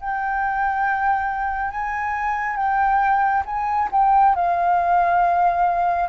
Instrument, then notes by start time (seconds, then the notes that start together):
flute
0.00 G5
1.70 G#5
2.56 G5
3.45 G#5
3.91 G5
4.35 F5